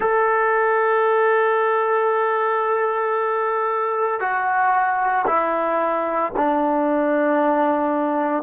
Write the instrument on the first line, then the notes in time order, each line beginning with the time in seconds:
trombone
0.00 A4
4.20 F#4
5.26 E4
6.36 D4